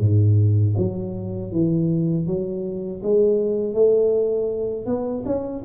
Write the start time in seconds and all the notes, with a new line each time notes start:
0.00 G#2
0.77 F#3
1.51 E3
2.26 F#3
3.03 G#3
3.74 A3
4.86 B3
5.26 C#4